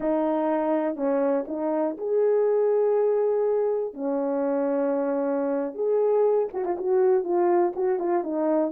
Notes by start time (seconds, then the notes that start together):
0.00 D#4
0.96 C#4
1.47 D#4
1.97 G#4
3.93 C#4
5.74 G#4
6.53 F#4
6.64 F4
6.78 F#4
7.24 F4
7.75 F#4
7.99 F4
8.23 D#4